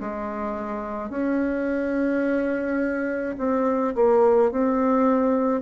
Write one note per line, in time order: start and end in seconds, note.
0.00 1.10 G#3
1.10 3.36 C#4
3.38 3.94 C4
3.95 4.51 A#3
4.51 5.61 C4